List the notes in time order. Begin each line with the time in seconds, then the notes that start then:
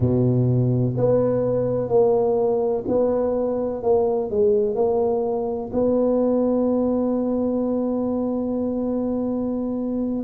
0.00 B2
0.96 B3
1.88 A#3
2.87 B3
3.82 A#3
4.30 G#3
4.75 A#3
5.72 B3